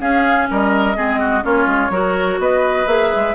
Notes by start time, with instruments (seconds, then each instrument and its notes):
0.00 clarinet C#4, bassoon C#4, oboe G#4, flute F5
0.51 bassoon G3, oboe A#4, flute D#5
0.96 bassoon G#3, clarinet C4, oboe G#4
1.20 oboe F#4
1.43 bassoon A#3, clarinet C#4, oboe F4, flute C#5
1.67 bassoon G#3
1.90 bassoon F#3, clarinet F#4, oboe A#4
2.39 bassoon B3, oboe B4, flute D#5
2.87 bassoon A#3, clarinet G#4, flute E5
3.16 bassoon G#3